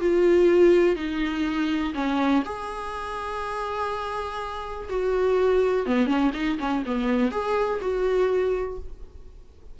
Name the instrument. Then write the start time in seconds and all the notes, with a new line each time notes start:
viola
0.00 F4
0.96 D#4
1.94 C#4
2.45 G#4
4.89 F#4
5.86 B3
6.07 C#4
6.33 D#4
6.59 C#4
6.86 B3
7.31 G#4
7.81 F#4